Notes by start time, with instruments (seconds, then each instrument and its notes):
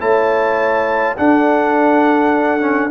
0.00 tuba A3, trombone E4, horn C#5, trumpet A5
1.18 trombone D4, tuba D4, horn A4, trumpet F#5
2.61 trombone C#4